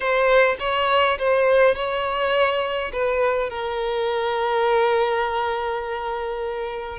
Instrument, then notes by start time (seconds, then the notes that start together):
violin
0.00 C5
0.59 C#5
1.18 C5
1.75 C#5
2.92 B4
3.50 A#4